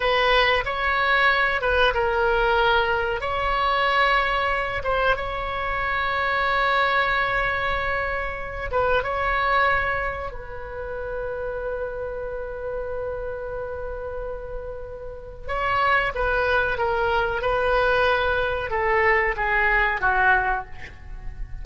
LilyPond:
\new Staff \with { instrumentName = "oboe" } { \time 4/4 \tempo 4 = 93 b'4 cis''4. b'8 ais'4~ | ais'4 cis''2~ cis''8 c''8 | cis''1~ | cis''4. b'8 cis''2 |
b'1~ | b'1 | cis''4 b'4 ais'4 b'4~ | b'4 a'4 gis'4 fis'4 | }